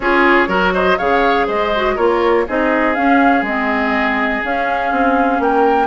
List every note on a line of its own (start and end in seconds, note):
0.00 0.47 C#4
0.00 0.48 F4
0.00 0.48 G#4
0.00 0.72 C#5
0.47 0.97 F#3
0.47 0.97 F#4
0.47 0.72 A#4
0.73 0.98 C5
0.73 0.98 D#5
0.98 1.48 C#3
0.98 1.72 G#4
0.98 1.47 C#5
0.98 1.47 F5
1.47 1.97 G#3
1.47 1.95 C5
1.47 1.97 D#5
1.75 1.97 F#4
1.95 2.46 A#3
1.95 2.46 F4
1.95 2.44 A#4
1.95 2.46 C#5
2.47 2.97 C4
2.47 2.95 D#4
2.47 5.42 G#4
2.47 2.94 D#5
2.94 3.44 C#4
2.94 3.42 C#4
2.94 3.43 F5
3.42 4.40 G#3
3.42 4.43 C4
3.42 4.43 D#5
4.43 5.87 C#4
4.43 4.91 C#4
4.43 5.42 F5
4.91 5.39 C4
5.39 5.87 A#3
5.39 5.87 A#4
5.39 5.87 G5